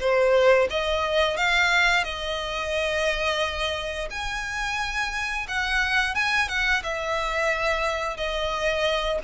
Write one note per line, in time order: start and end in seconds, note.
0.00 0.68 C5
0.70 1.37 D#5
1.37 2.04 F5
2.04 4.08 D#5
4.11 5.47 G#5
5.48 6.15 F#5
6.15 6.48 G#5
6.48 6.82 F#5
6.83 8.17 E5
8.17 9.19 D#5